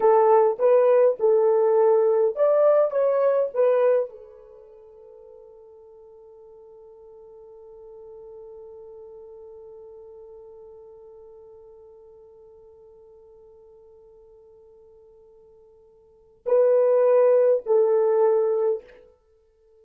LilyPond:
\new Staff \with { instrumentName = "horn" } { \time 4/4 \tempo 4 = 102 a'4 b'4 a'2 | d''4 cis''4 b'4 a'4~ | a'1~ | a'1~ |
a'1~ | a'1~ | a'1 | b'2 a'2 | }